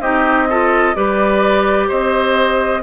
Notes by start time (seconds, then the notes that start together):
0.00 C4 D#4 G4 D#5
0.49 F4 A4
0.95 G3 G4 B4 D5
1.88 C4 C5 D#5